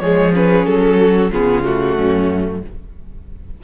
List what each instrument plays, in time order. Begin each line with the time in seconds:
0.00 cello F3, viola G#3, violin G#4 C#5
0.34 viola C#4, violin B4
0.66 cello F#3, violin A4
0.99 violin F#4
1.31 cello C#3, viola B3, violin F4 G#4
1.65 viola A3, violin F#4
1.96 cello F#2, violin C#4